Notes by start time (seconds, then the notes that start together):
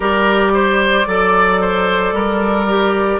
0.00 G3 G4 A#4 D5
0.54 C5
1.06 F#3 A4 D5
1.60 C5
2.12 G3 A#4
2.68 G4